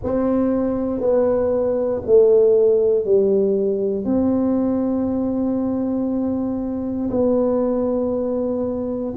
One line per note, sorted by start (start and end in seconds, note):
0.03 1.00 C4
1.00 2.02 B3
2.06 3.05 A3
3.05 4.04 G3
4.04 7.09 C4
7.10 9.13 B3